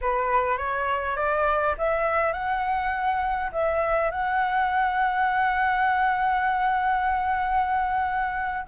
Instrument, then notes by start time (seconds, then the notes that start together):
flute
0.01 B4
0.57 C#5
1.16 D5
1.78 E5
2.33 F#5
3.52 E5
4.10 F#5